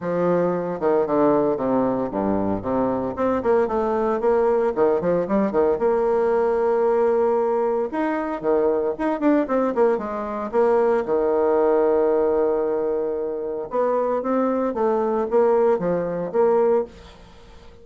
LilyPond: \new Staff \with { instrumentName = "bassoon" } { \time 4/4 \tempo 4 = 114 f4. dis8 d4 c4 | g,4 c4 c'8 ais8 a4 | ais4 dis8 f8 g8 dis8 ais4~ | ais2. dis'4 |
dis4 dis'8 d'8 c'8 ais8 gis4 | ais4 dis2.~ | dis2 b4 c'4 | a4 ais4 f4 ais4 | }